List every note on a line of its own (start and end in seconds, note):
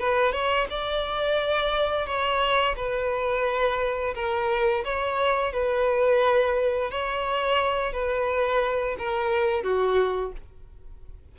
0.00 0.33 B4
0.33 0.67 C#5
0.71 2.07 D5
2.07 2.76 C#5
2.77 4.15 B4
4.15 4.84 A#4
4.85 5.53 C#5
5.53 6.91 B4
6.91 7.93 C#5
7.93 8.97 B4
8.99 9.64 A#4
9.64 10.33 F#4